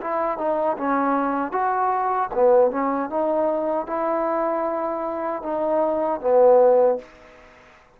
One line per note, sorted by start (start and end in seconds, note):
0.00 0.37 E4
0.37 0.76 D#4
0.77 1.51 C#4
1.51 2.29 F#4
2.34 2.71 B3
2.71 3.09 C#4
3.09 3.86 D#4
3.86 5.42 E4
5.42 6.20 D#4
6.20 6.98 B3